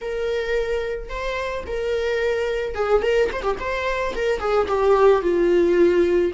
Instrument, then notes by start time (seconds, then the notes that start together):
viola
0.01 A#4
1.09 C5
1.66 A#4
2.74 G#4
3.02 A#4
3.32 C5
3.42 G4
3.59 C5
4.15 A#4
4.39 G#4
4.68 G4
5.21 F4